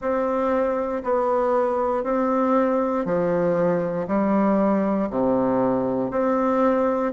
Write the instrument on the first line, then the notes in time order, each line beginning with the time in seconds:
bassoon
0.00 C4
1.03 B3
2.03 C4
3.05 F3
4.07 G3
5.10 C3
6.11 C4